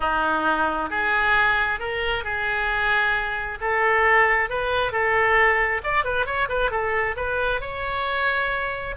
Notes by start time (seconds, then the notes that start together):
0.00 D#4
0.90 G#4
1.79 A#4
2.24 G#4
3.60 A4
4.49 B4
4.92 A4
5.83 D5
6.04 B4
6.26 C#5
6.48 B4
6.70 A4
7.16 B4
7.60 C#5